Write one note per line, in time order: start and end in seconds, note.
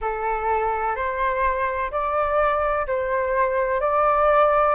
0.01 0.95 A4
0.95 1.90 C5
1.90 2.86 D5
2.86 3.80 C5
3.80 4.75 D5